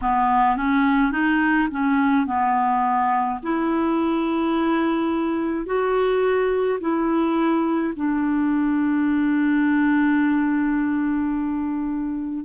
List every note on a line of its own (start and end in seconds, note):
0.01 0.56 B3
0.56 1.11 C#4
1.11 1.68 D#4
1.71 2.26 C#4
2.26 3.40 B3
3.43 5.66 E4
5.66 6.79 F#4
6.80 7.93 E4
7.96 12.44 D4